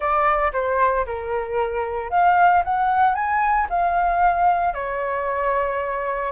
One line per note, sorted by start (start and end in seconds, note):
0.00 0.51 D5
0.52 1.05 C5
1.06 2.10 A#4
2.10 2.63 F5
2.64 3.14 F#5
3.14 3.67 G#5
3.69 4.73 F5
4.73 6.31 C#5